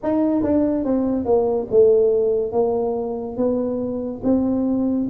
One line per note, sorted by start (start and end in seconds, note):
0.02 0.43 D#4
0.43 0.84 D4
0.84 1.25 C4
1.25 1.67 A#3
1.70 2.52 A3
2.52 3.36 A#3
3.36 4.21 B3
4.23 5.07 C4